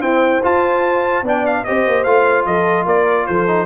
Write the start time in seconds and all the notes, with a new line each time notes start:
0.00 C4 E4 C5 G5
0.43 F4 A5
1.23 B3 D4 D5 G5
1.46 F5
1.64 C4 G4 C5 D#5
1.87 A#3
2.04 A3 F4 F5
2.46 F3 A4 D#5
2.85 A#3 A#4 D5
3.26 F3 A4 C5
3.47 D#4